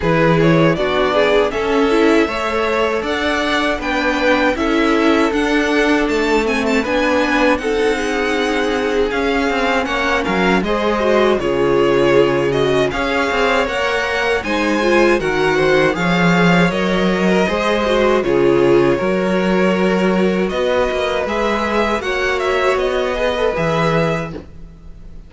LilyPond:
<<
  \new Staff \with { instrumentName = "violin" } { \time 4/4 \tempo 4 = 79 b'8 cis''8 d''4 e''2 | fis''4 g''4 e''4 fis''4 | a''8 gis''16 a''16 gis''4 fis''2 | f''4 fis''8 f''8 dis''4 cis''4~ |
cis''8 dis''8 f''4 fis''4 gis''4 | fis''4 f''4 dis''2 | cis''2. dis''4 | e''4 fis''8 e''8 dis''4 e''4 | }
  \new Staff \with { instrumentName = "violin" } { \time 4/4 gis'4 fis'8 gis'8 a'4 cis''4 | d''4 b'4 a'2~ | a'4 b'4 a'8 gis'4.~ | gis'4 cis''8 ais'8 c''4 gis'4~ |
gis'4 cis''2 c''4 | ais'8 c''8 cis''4.~ cis''16 ais'16 c''4 | gis'4 ais'2 b'4~ | b'4 cis''4. b'4. | }
  \new Staff \with { instrumentName = "viola" } { \time 4/4 e'4 d'4 cis'8 e'8 a'4~ | a'4 d'4 e'4 d'4~ | d'8 c'8 d'4 dis'2 | cis'2 gis'8 fis'8 f'4~ |
f'8 fis'8 gis'4 ais'4 dis'8 f'8 | fis'4 gis'4 ais'4 gis'8 fis'8 | f'4 fis'2. | gis'4 fis'4. gis'16 a'16 gis'4 | }
  \new Staff \with { instrumentName = "cello" } { \time 4/4 e4 b4 cis'4 a4 | d'4 b4 cis'4 d'4 | a4 b4 c'2 | cis'8 c'8 ais8 fis8 gis4 cis4~ |
cis4 cis'8 c'8 ais4 gis4 | dis4 f4 fis4 gis4 | cis4 fis2 b8 ais8 | gis4 ais4 b4 e4 | }
>>